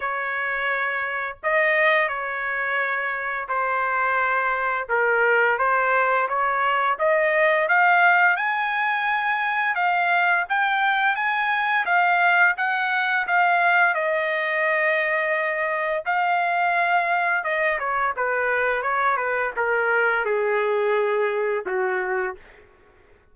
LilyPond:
\new Staff \with { instrumentName = "trumpet" } { \time 4/4 \tempo 4 = 86 cis''2 dis''4 cis''4~ | cis''4 c''2 ais'4 | c''4 cis''4 dis''4 f''4 | gis''2 f''4 g''4 |
gis''4 f''4 fis''4 f''4 | dis''2. f''4~ | f''4 dis''8 cis''8 b'4 cis''8 b'8 | ais'4 gis'2 fis'4 | }